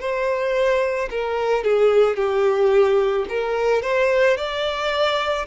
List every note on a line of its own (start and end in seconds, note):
0.00 1.09 C5
1.10 1.64 A#4
1.64 2.16 G#4
2.16 3.25 G4
3.29 3.82 A#4
3.82 4.37 C5
4.37 5.46 D5